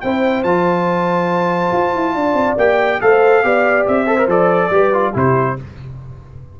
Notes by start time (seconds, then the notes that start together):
0.00 C4 E4 C5 G5
0.43 F3 F4 A5
1.72 F4
1.94 E4
2.15 D4 D5
2.33 C4
2.57 A#3 G4 G5
3.00 A3 A4 C5 F5
3.43 B3 G4 D5
3.87 C4 E5
4.06 A4 C5
4.17 A#4
4.26 F3 A4 D5
4.70 G3 G4 B4
4.93 F4
5.12 C3 E4 G4 C5